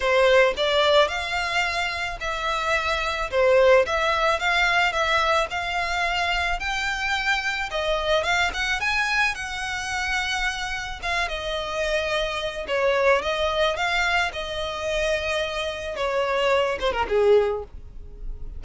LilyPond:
\new Staff \with { instrumentName = "violin" } { \time 4/4 \tempo 4 = 109 c''4 d''4 f''2 | e''2 c''4 e''4 | f''4 e''4 f''2 | g''2 dis''4 f''8 fis''8 |
gis''4 fis''2. | f''8 dis''2~ dis''8 cis''4 | dis''4 f''4 dis''2~ | dis''4 cis''4. c''16 ais'16 gis'4 | }